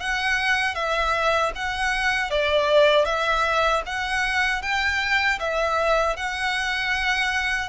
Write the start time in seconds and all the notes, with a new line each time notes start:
0.00 F#5
0.75 E5
1.56 F#5
2.30 D5
3.06 E5
3.86 F#5
4.62 G5
5.40 E5
6.16 F#5